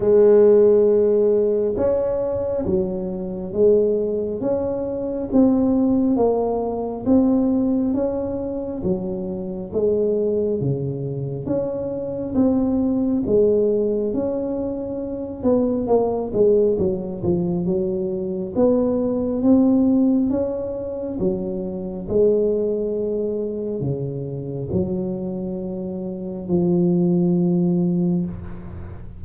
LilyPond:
\new Staff \with { instrumentName = "tuba" } { \time 4/4 \tempo 4 = 68 gis2 cis'4 fis4 | gis4 cis'4 c'4 ais4 | c'4 cis'4 fis4 gis4 | cis4 cis'4 c'4 gis4 |
cis'4. b8 ais8 gis8 fis8 f8 | fis4 b4 c'4 cis'4 | fis4 gis2 cis4 | fis2 f2 | }